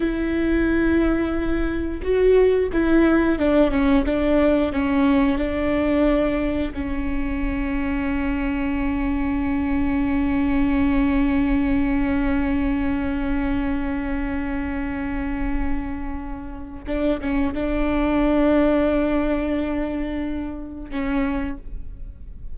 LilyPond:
\new Staff \with { instrumentName = "viola" } { \time 4/4 \tempo 4 = 89 e'2. fis'4 | e'4 d'8 cis'8 d'4 cis'4 | d'2 cis'2~ | cis'1~ |
cis'1~ | cis'1~ | cis'4 d'8 cis'8 d'2~ | d'2. cis'4 | }